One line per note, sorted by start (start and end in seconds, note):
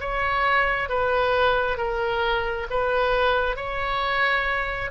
0.00 0.89 C#5
0.89 1.77 B4
1.77 2.67 A#4
2.70 3.56 B4
3.56 4.91 C#5